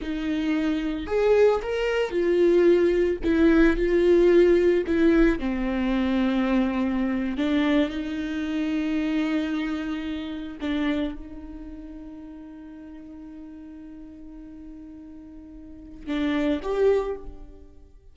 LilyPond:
\new Staff \with { instrumentName = "viola" } { \time 4/4 \tempo 4 = 112 dis'2 gis'4 ais'4 | f'2 e'4 f'4~ | f'4 e'4 c'2~ | c'4.~ c'16 d'4 dis'4~ dis'16~ |
dis'2.~ dis'8. d'16~ | d'8. dis'2.~ dis'16~ | dis'1~ | dis'2 d'4 g'4 | }